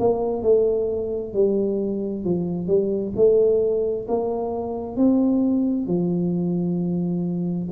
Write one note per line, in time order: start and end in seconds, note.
0.00 0.43 A#3
0.43 1.34 A3
1.34 2.25 G3
2.25 2.68 F3
2.68 3.13 G3
3.17 4.07 A3
4.08 4.97 A#3
4.97 5.87 C4
5.87 7.69 F3